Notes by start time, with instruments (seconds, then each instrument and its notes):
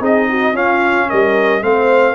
0.00 tuba C4, trombone D#4, horn G#4, trumpet D#5
0.29 horn F#4
0.53 tuba C#4, trombone C#4, horn F4, trumpet F5
1.09 tuba G3, horn A#4, trumpet D#5
1.62 tuba A3, trombone C4, horn C5, trumpet F5